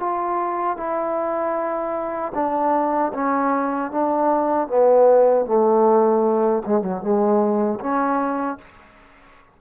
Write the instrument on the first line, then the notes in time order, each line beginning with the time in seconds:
trombone
0.00 F4
0.77 E4
2.35 D4
3.14 C#4
3.91 D4
4.68 B3
5.46 A3
6.66 G#3
6.82 F#3
7.01 G#3
7.80 C#4